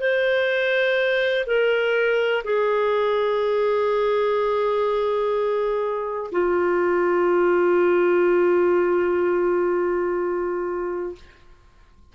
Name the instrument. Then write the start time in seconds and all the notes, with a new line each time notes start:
clarinet
0.00 C5
1.46 A#4
2.44 G#4
6.31 F4